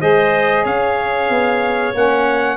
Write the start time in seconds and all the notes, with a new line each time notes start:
0.00 G#3 G#4 C5 D#5
0.63 C#4 C#5 F5
1.30 B3
1.94 A#3 C#4 F#5